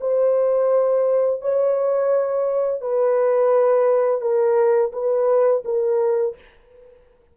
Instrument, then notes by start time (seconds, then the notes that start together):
horn
0.00 C5
1.41 C#5
2.81 B4
4.21 A#4
4.92 B4
5.65 A#4